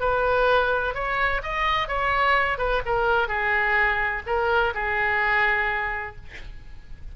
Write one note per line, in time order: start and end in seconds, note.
0.00 0.94 B4
0.94 1.42 C#5
1.43 1.88 D#5
1.88 2.58 C#5
2.58 2.82 B4
2.86 3.28 A#4
3.28 4.23 G#4
4.26 4.74 A#4
4.74 6.16 G#4